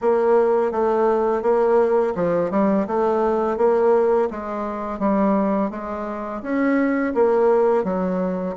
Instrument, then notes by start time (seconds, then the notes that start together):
bassoon
0.01 A#3
0.71 A3
1.42 A#3
2.15 F3
2.51 G3
2.87 A3
3.57 A#3
4.30 G#3
4.99 G3
5.70 G#3
6.42 C#4
7.14 A#3
7.84 F#3